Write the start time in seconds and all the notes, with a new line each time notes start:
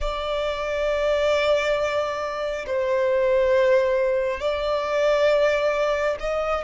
0.00 D5
2.66 C5
4.40 D5
6.19 D#5